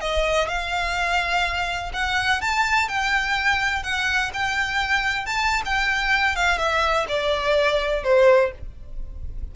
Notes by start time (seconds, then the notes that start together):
0.00 D#5
0.48 F5
1.93 F#5
2.41 A5
2.88 G5
3.83 F#5
4.33 G5
5.26 A5
5.65 G5
6.35 F5
6.57 E5
7.08 D5
8.03 C5